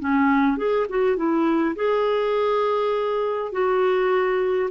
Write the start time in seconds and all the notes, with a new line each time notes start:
0.00 C#4
0.57 G#4
0.89 F#4
1.17 E4
1.76 G#4
3.52 F#4